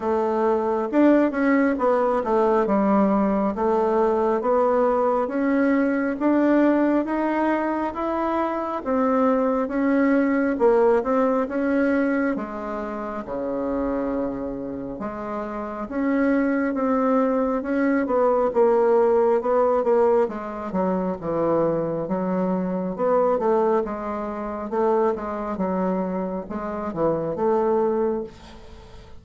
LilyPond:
\new Staff \with { instrumentName = "bassoon" } { \time 4/4 \tempo 4 = 68 a4 d'8 cis'8 b8 a8 g4 | a4 b4 cis'4 d'4 | dis'4 e'4 c'4 cis'4 | ais8 c'8 cis'4 gis4 cis4~ |
cis4 gis4 cis'4 c'4 | cis'8 b8 ais4 b8 ais8 gis8 fis8 | e4 fis4 b8 a8 gis4 | a8 gis8 fis4 gis8 e8 a4 | }